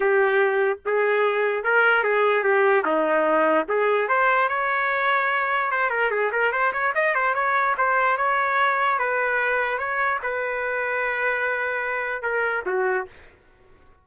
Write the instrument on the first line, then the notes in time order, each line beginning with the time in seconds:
trumpet
0.00 G4
0.85 G#4
1.63 A#4
2.03 G#4
2.43 G4
2.85 D#4
3.68 G#4
4.08 C5
4.48 C#5
5.71 C5
5.90 A#4
6.11 G#4
6.32 A#4
6.52 C5
6.72 C#5
6.94 D#5
7.14 C5
7.34 C#5
7.77 C5
8.17 C#5
8.98 B4
9.78 C#5
10.22 B4
12.22 A#4
12.65 F#4